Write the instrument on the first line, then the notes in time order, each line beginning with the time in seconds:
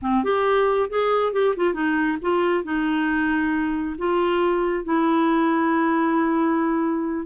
clarinet
0.01 C4
0.24 G4
0.89 G#4
1.32 G4
1.56 F4
1.73 D#4
2.21 F4
2.64 D#4
3.97 F4
4.84 E4